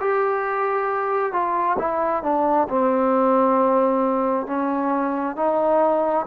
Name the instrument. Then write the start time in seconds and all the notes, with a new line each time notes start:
trombone
0.00 G4
1.32 F4
1.79 E4
2.23 D4
2.69 C4
4.47 C#4
5.36 D#4